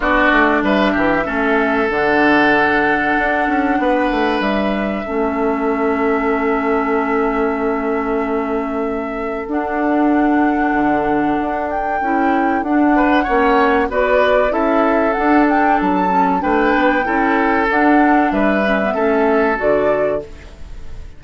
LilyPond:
<<
  \new Staff \with { instrumentName = "flute" } { \time 4/4 \tempo 4 = 95 d''4 e''2 fis''4~ | fis''2. e''4~ | e''1~ | e''2. fis''4~ |
fis''2~ fis''8 g''4. | fis''2 d''4 e''4 | fis''8 g''8 a''4 g''2 | fis''4 e''2 d''4 | }
  \new Staff \with { instrumentName = "oboe" } { \time 4/4 fis'4 b'8 g'8 a'2~ | a'2 b'2 | a'1~ | a'1~ |
a'1~ | a'8 b'8 cis''4 b'4 a'4~ | a'2 b'4 a'4~ | a'4 b'4 a'2 | }
  \new Staff \with { instrumentName = "clarinet" } { \time 4/4 d'2 cis'4 d'4~ | d'1 | cis'1~ | cis'2. d'4~ |
d'2. e'4 | d'4 cis'4 fis'4 e'4 | d'4. cis'8 d'4 e'4 | d'4. cis'16 b16 cis'4 fis'4 | }
  \new Staff \with { instrumentName = "bassoon" } { \time 4/4 b8 a8 g8 e8 a4 d4~ | d4 d'8 cis'8 b8 a8 g4 | a1~ | a2. d'4~ |
d'4 d4 d'4 cis'4 | d'4 ais4 b4 cis'4 | d'4 fis4 a8 b8 cis'4 | d'4 g4 a4 d4 | }
>>